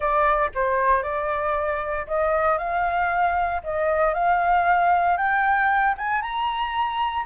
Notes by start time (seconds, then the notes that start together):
0.00 D5
0.54 C5
1.02 D5
2.07 D#5
2.58 F5
3.63 D#5
4.14 F5
5.17 G5
5.97 G#5
6.21 A#5